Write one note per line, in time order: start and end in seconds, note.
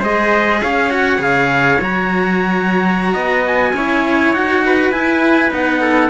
0.00 0.62 G#3
0.00 0.91 G#4
0.00 0.59 C5
0.00 0.63 D#5
0.63 1.19 C#4
0.63 3.14 C#5
0.63 0.92 F5
0.91 1.19 F#4
0.91 1.23 F#5
1.19 1.79 C#3
1.19 1.78 G#4
1.19 1.82 F5
1.81 3.15 F#3
1.81 3.75 F#4
1.81 3.47 A#5
3.14 3.73 B3
3.14 3.73 D#5
3.47 4.34 G#5
3.73 4.33 C#4
3.73 4.36 E4
3.73 4.65 C#5
4.33 4.91 D#4
4.33 4.93 F#4
4.33 4.92 F#5
4.66 5.82 B4
4.91 5.50 E4
4.91 5.51 E4
4.91 5.51 G#5
5.51 6.11 B3
5.51 6.10 D#4
5.51 6.11 F#5
5.82 6.11 A4